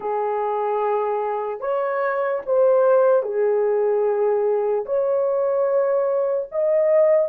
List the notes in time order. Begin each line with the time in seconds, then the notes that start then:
0.00 G#4
1.60 C#5
2.45 C5
3.22 G#4
4.85 C#5
6.51 D#5